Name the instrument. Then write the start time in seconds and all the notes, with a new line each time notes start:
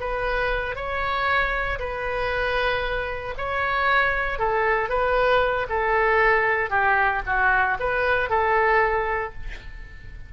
oboe
0.00 B4
0.76 C#5
1.79 B4
3.38 C#5
4.39 A4
4.89 B4
5.69 A4
6.70 G4
7.26 F#4
7.80 B4
8.30 A4